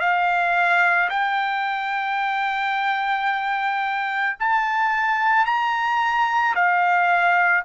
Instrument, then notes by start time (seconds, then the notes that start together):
trumpet
0.00 F5
1.10 G5
4.39 A5
5.45 A#5
6.55 F5